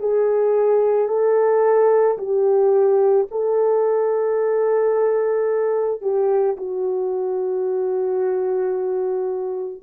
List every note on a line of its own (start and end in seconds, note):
0.00 1.09 G#4
1.09 2.18 A4
2.18 3.27 G4
3.31 6.01 A4
6.01 6.56 G4
6.57 9.83 F#4